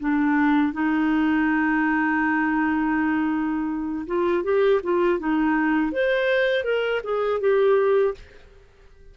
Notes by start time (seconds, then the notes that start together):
0.00 D4
0.73 D#4
4.07 F4
4.44 G4
4.84 F4
5.19 D#4
5.92 C5
6.64 A#4
7.04 G#4
7.40 G4